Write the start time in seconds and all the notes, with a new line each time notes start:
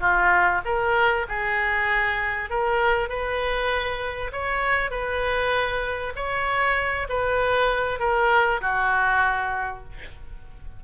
0.00 F4
0.65 A#4
1.29 G#4
2.50 A#4
3.09 B4
4.32 C#5
4.90 B4
6.15 C#5
7.09 B4
7.99 A#4
8.61 F#4